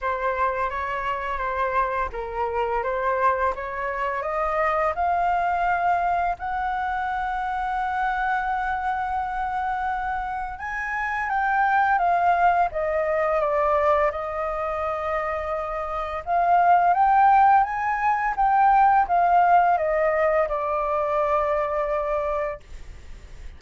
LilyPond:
\new Staff \with { instrumentName = "flute" } { \time 4/4 \tempo 4 = 85 c''4 cis''4 c''4 ais'4 | c''4 cis''4 dis''4 f''4~ | f''4 fis''2.~ | fis''2. gis''4 |
g''4 f''4 dis''4 d''4 | dis''2. f''4 | g''4 gis''4 g''4 f''4 | dis''4 d''2. | }